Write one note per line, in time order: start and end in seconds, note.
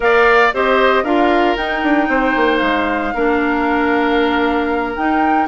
0.00 0.52 A#3
0.00 0.48 A#4
0.00 0.54 D5
0.00 0.53 F5
0.53 1.03 C4
0.53 1.05 G4
0.53 1.03 C5
0.53 1.04 D#5
1.03 1.56 D4
1.03 1.57 F4
1.03 2.08 A#4
1.03 1.56 F5
1.56 1.83 D#4
1.56 3.14 D#4
1.56 2.57 G5
1.83 2.08 D4
2.08 2.34 C4
2.08 3.14 C5
2.36 2.61 A#3
2.57 3.13 G#3
2.57 4.92 F5
3.14 4.97 A#3
3.14 4.96 D4
3.14 5.47 A#4
4.96 5.47 D#4
4.96 5.47 G5